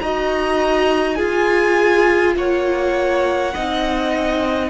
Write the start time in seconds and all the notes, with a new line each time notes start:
0.00 D#4 F#4 D#5 A#5
1.15 F4 G#4 G#5
2.36 A#3 C#5 F#5
3.54 C4 D#4 D#5